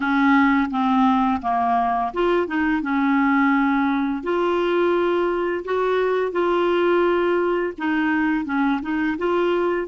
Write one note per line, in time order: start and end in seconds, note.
0.00 0.70 C#4
0.70 1.41 C4
1.41 2.12 A#3
2.13 2.47 F4
2.47 2.81 D#4
2.81 4.23 C#4
4.23 5.64 F4
5.64 6.32 F#4
6.32 7.73 F4
7.77 8.45 D#4
8.45 8.80 C#4
8.81 9.17 D#4
9.18 9.87 F4